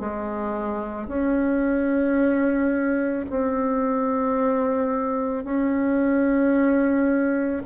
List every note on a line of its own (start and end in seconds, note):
0.00 1.08 G#3
1.08 3.26 C#4
3.30 5.44 C4
5.44 7.63 C#4